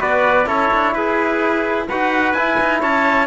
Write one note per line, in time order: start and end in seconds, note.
0.00 0.46 B3
0.00 0.45 F#4
0.00 0.47 B4
0.00 0.48 D5
0.45 0.69 C#4
0.45 1.86 E4
0.45 0.94 A4
0.45 0.94 C#5
0.73 0.94 D4
0.94 1.88 E4
0.94 1.88 G#4
0.94 1.87 B4
1.88 2.34 D#4
1.88 2.36 F#4
1.88 2.80 B4
1.88 2.33 F#5
2.33 2.57 E4
2.33 3.27 E4
2.33 2.79 G#5
2.60 2.82 D#4
2.80 3.27 C#4
2.80 3.27 C#5
2.80 3.27 A5